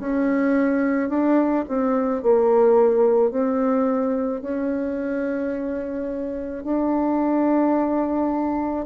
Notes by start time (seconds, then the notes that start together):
0.00 C#4
1.10 D4
1.68 C4
2.23 A#3
3.31 C4
4.41 C#4
6.64 D4